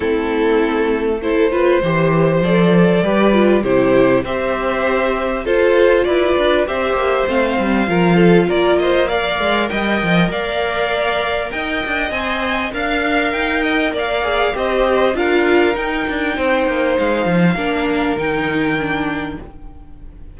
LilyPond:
<<
  \new Staff \with { instrumentName = "violin" } { \time 4/4 \tempo 4 = 99 a'2 c''2 | d''2 c''4 e''4~ | e''4 c''4 d''4 e''4 | f''2 d''8 dis''8 f''4 |
g''4 f''2 g''4 | gis''4 f''4 g''4 f''4 | dis''4 f''4 g''2 | f''2 g''2 | }
  \new Staff \with { instrumentName = "violin" } { \time 4/4 e'2 a'8 b'8 c''4~ | c''4 b'4 g'4 c''4~ | c''4 a'4 b'4 c''4~ | c''4 ais'8 a'8 ais'8 c''8 d''4 |
dis''4 d''2 dis''4~ | dis''4 f''4. dis''8 d''4 | c''4 ais'2 c''4~ | c''4 ais'2. | }
  \new Staff \with { instrumentName = "viola" } { \time 4/4 c'2 e'8 f'8 g'4 | a'4 g'8 f'8 e'4 g'4~ | g'4 f'2 g'4 | c'4 f'2 ais'4~ |
ais'1 | c''4 ais'2~ ais'8 gis'8 | g'4 f'4 dis'2~ | dis'4 d'4 dis'4 d'4 | }
  \new Staff \with { instrumentName = "cello" } { \time 4/4 a2. e4 | f4 g4 c4 c'4~ | c'4 f'4 e'8 d'8 c'8 ais8 | a8 g8 f4 ais4. gis8 |
g8 f8 ais2 dis'8 d'8 | c'4 d'4 dis'4 ais4 | c'4 d'4 dis'8 d'8 c'8 ais8 | gis8 f8 ais4 dis2 | }
>>